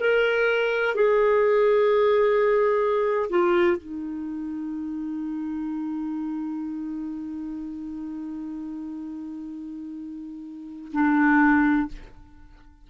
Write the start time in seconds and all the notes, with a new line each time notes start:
0.00 A#4
0.95 G#4
3.29 F4
3.77 D#4
10.93 D4